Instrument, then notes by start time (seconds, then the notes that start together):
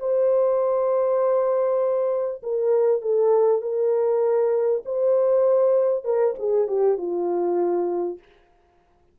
horn
0.00 C5
2.43 A#4
3.02 A4
3.62 A#4
4.85 C5
6.05 A#4
6.39 G#4
6.68 G4
6.98 F4